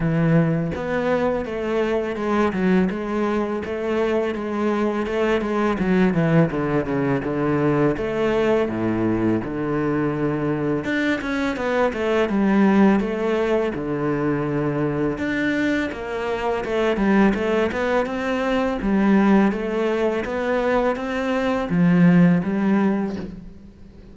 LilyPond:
\new Staff \with { instrumentName = "cello" } { \time 4/4 \tempo 4 = 83 e4 b4 a4 gis8 fis8 | gis4 a4 gis4 a8 gis8 | fis8 e8 d8 cis8 d4 a4 | a,4 d2 d'8 cis'8 |
b8 a8 g4 a4 d4~ | d4 d'4 ais4 a8 g8 | a8 b8 c'4 g4 a4 | b4 c'4 f4 g4 | }